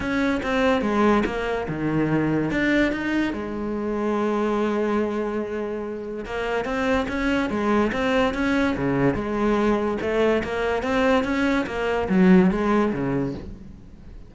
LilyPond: \new Staff \with { instrumentName = "cello" } { \time 4/4 \tempo 4 = 144 cis'4 c'4 gis4 ais4 | dis2 d'4 dis'4 | gis1~ | gis2. ais4 |
c'4 cis'4 gis4 c'4 | cis'4 cis4 gis2 | a4 ais4 c'4 cis'4 | ais4 fis4 gis4 cis4 | }